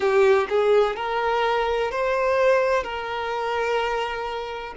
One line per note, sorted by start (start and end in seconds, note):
0.00 0.47 G4
0.48 0.96 G#4
0.96 1.91 A#4
1.91 2.83 C5
2.83 4.74 A#4